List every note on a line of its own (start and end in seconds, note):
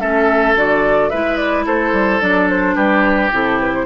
0.00 0.55 A3
0.00 0.56 C#4
0.00 1.10 A4
0.00 0.55 E5
0.55 1.10 D3
0.55 1.11 F#4
0.55 1.09 D5
1.09 1.65 G#3
1.09 2.21 E4
1.09 1.65 B4
1.09 1.37 E5
1.37 1.64 D5
1.65 1.92 A3
1.65 2.75 A4
1.65 2.21 C5
1.92 2.20 G3
2.21 2.76 F#3
2.21 3.31 D4
2.21 2.49 D5
2.49 2.75 C5
2.75 3.31 G3
2.75 3.85 G4
2.75 3.30 B4
3.31 3.86 C3
3.31 3.86 E4
3.31 3.59 A4
3.59 3.73 B4
3.73 3.86 C5